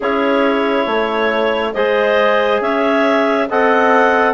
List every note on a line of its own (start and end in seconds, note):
0.00 0.86 C#4
0.00 1.74 E4
0.00 0.86 G#4
0.00 1.73 C#5
0.86 1.73 A3
0.86 1.74 C#5
1.73 2.61 G#3
1.73 3.48 G#4
1.73 2.61 C5
1.73 2.60 D#5
2.61 3.47 C#4
2.61 3.48 C#5
2.61 3.48 E5
3.49 4.34 C4
3.49 4.34 A4
3.49 4.34 D#5
3.49 4.34 F#5